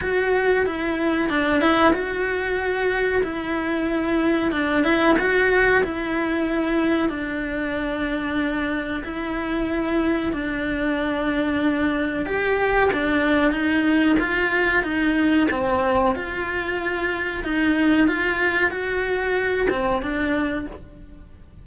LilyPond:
\new Staff \with { instrumentName = "cello" } { \time 4/4 \tempo 4 = 93 fis'4 e'4 d'8 e'8 fis'4~ | fis'4 e'2 d'8 e'8 | fis'4 e'2 d'4~ | d'2 e'2 |
d'2. g'4 | d'4 dis'4 f'4 dis'4 | c'4 f'2 dis'4 | f'4 fis'4. c'8 d'4 | }